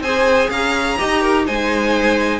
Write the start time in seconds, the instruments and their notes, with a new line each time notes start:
0.00 cello C4, viola G#4, violin C5 G#5
0.49 cello C#4, violin F5 A#5
0.98 cello D#4, viola G4, violin D#5
1.21 violin A#4
1.45 cello G#3, viola D#4, violin C5 G#5